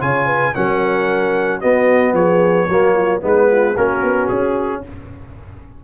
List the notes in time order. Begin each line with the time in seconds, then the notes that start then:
0.00 C#3 F4 C#5 G#5
0.26 B4
0.54 F#3 C#4 A#4 F#5
1.60 B3 F#4 D#5
2.13 F3 G#4 C#5
2.68 F#3 A#3 F#4
2.94 F4
3.21 G#3 B3 D#4 B4
3.51 F4
3.74 A#3 C#4 F#4 A#4
4.03 B3
4.28 C#4 G#4